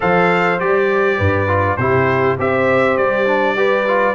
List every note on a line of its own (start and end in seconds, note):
0.00 0.60 F3
0.00 0.58 A4
0.00 1.17 C5
0.00 0.59 F5
0.59 1.19 G3
0.59 1.47 G4
0.59 1.76 D5
1.17 1.77 G2
1.17 1.76 B4
1.47 1.77 F4
1.76 2.37 C3
1.76 2.38 E4
1.76 2.38 G4
1.76 2.36 C5
2.38 2.97 C4
2.38 3.26 G4
2.38 3.57 C5
2.38 2.97 E5
2.97 4.14 G3
2.97 4.14 D5
3.26 3.56 D4
3.56 3.86 G4
3.56 4.14 B4
3.87 4.14 F4